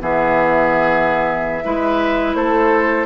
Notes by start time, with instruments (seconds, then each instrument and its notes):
0.00 bassoon E3, clarinet B3, oboe G#4, flute E5
1.64 bassoon G#3, clarinet E4, oboe B4
2.35 bassoon A3, oboe A4, flute C5